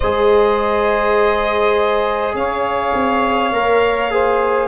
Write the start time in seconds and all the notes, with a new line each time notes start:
0.00 G#3 G#4 C5 D#5
2.33 C#4 C#5 F5
2.93 C4
3.51 A#3 A#4
4.10 G#4 C5